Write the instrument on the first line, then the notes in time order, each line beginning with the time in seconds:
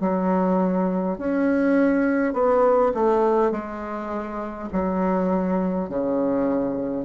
bassoon
0.00 F#3
1.18 C#4
2.33 B3
2.94 A3
3.51 G#3
4.72 F#3
5.89 C#3